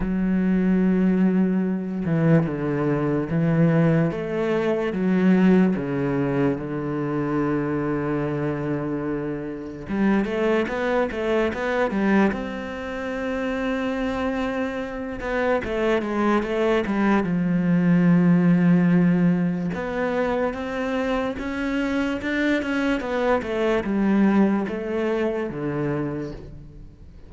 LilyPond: \new Staff \with { instrumentName = "cello" } { \time 4/4 \tempo 4 = 73 fis2~ fis8 e8 d4 | e4 a4 fis4 cis4 | d1 | g8 a8 b8 a8 b8 g8 c'4~ |
c'2~ c'8 b8 a8 gis8 | a8 g8 f2. | b4 c'4 cis'4 d'8 cis'8 | b8 a8 g4 a4 d4 | }